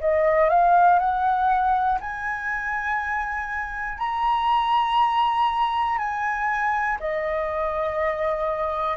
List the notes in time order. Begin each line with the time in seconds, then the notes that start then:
0.00 D#5
0.49 F5
0.99 F#5
2.00 G#5
3.98 A#5
5.98 G#5
6.99 D#5